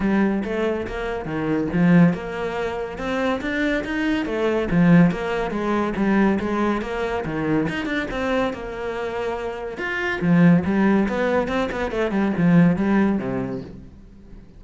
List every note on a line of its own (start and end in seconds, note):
0.00 0.43 G3
0.44 0.86 A3
0.87 1.25 A#3
1.25 1.67 D#3
1.73 2.13 F3
2.13 2.97 A#3
2.97 3.40 C4
3.41 3.84 D4
3.84 4.25 D#4
4.25 4.68 A3
4.71 5.11 F3
5.11 5.50 A#3
5.50 5.93 G#3
5.96 6.38 G3
6.39 6.81 G#3
6.81 7.24 A#3
7.25 7.68 D#3
7.68 7.85 D#4
7.85 8.06 D4
8.10 8.53 C4
8.53 9.77 A#3
9.77 10.20 F4
10.21 10.63 F3
10.65 11.08 G3
11.08 11.48 B3
11.48 11.69 C4
11.71 11.91 B3
11.91 12.11 A3
12.11 12.32 G3
12.37 12.76 F3
12.76 13.18 G3
13.18 13.61 C3